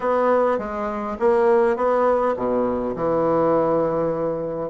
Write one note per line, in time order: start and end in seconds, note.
0.00 0.58 B3
0.58 1.17 G#3
1.19 1.76 A#3
1.76 2.35 B3
2.36 2.95 B2
2.95 4.70 E3